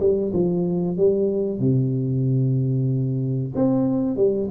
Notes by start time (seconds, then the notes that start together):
0.00 G3
0.33 F3
0.97 G3
1.59 C3
3.55 C4
4.16 G3